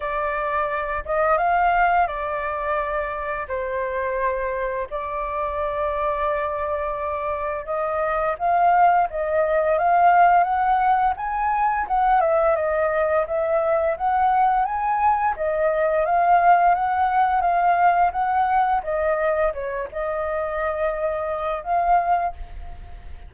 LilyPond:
\new Staff \with { instrumentName = "flute" } { \time 4/4 \tempo 4 = 86 d''4. dis''8 f''4 d''4~ | d''4 c''2 d''4~ | d''2. dis''4 | f''4 dis''4 f''4 fis''4 |
gis''4 fis''8 e''8 dis''4 e''4 | fis''4 gis''4 dis''4 f''4 | fis''4 f''4 fis''4 dis''4 | cis''8 dis''2~ dis''8 f''4 | }